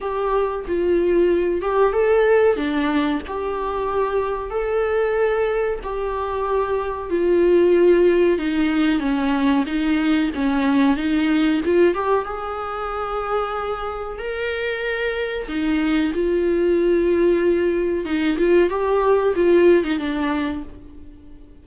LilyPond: \new Staff \with { instrumentName = "viola" } { \time 4/4 \tempo 4 = 93 g'4 f'4. g'8 a'4 | d'4 g'2 a'4~ | a'4 g'2 f'4~ | f'4 dis'4 cis'4 dis'4 |
cis'4 dis'4 f'8 g'8 gis'4~ | gis'2 ais'2 | dis'4 f'2. | dis'8 f'8 g'4 f'8. dis'16 d'4 | }